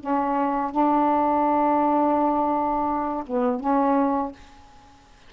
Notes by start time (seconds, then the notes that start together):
0.00 C#4
0.71 D4
3.26 B3
3.60 C#4